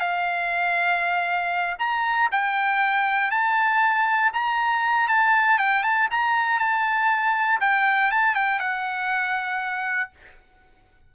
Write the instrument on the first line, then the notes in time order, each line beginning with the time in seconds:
trumpet
0.00 F5
1.79 A#5
2.32 G5
3.31 A5
4.34 A#5
5.08 A5
5.59 G5
5.83 A5
6.11 A#5
6.59 A5
7.61 G5
8.11 A5
8.35 G5
8.59 F#5